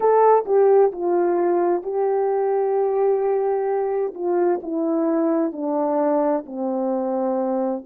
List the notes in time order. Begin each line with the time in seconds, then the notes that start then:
0.00 A4
0.45 G4
0.92 F4
1.82 G4
4.14 F4
4.62 E4
5.52 D4
6.46 C4